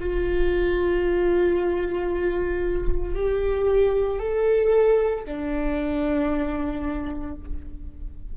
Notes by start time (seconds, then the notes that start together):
0.00 F4
3.15 G4
4.20 A4
5.25 D4